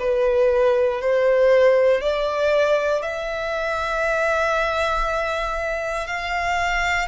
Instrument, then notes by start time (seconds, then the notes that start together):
violin
0.00 B4
1.01 C5
2.01 D5
3.02 E5
6.07 F5